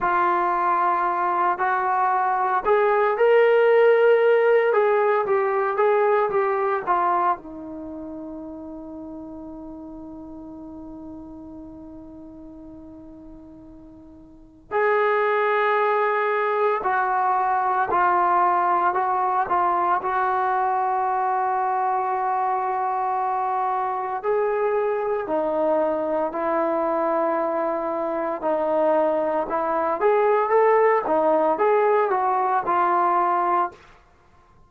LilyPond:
\new Staff \with { instrumentName = "trombone" } { \time 4/4 \tempo 4 = 57 f'4. fis'4 gis'8 ais'4~ | ais'8 gis'8 g'8 gis'8 g'8 f'8 dis'4~ | dis'1~ | dis'2 gis'2 |
fis'4 f'4 fis'8 f'8 fis'4~ | fis'2. gis'4 | dis'4 e'2 dis'4 | e'8 gis'8 a'8 dis'8 gis'8 fis'8 f'4 | }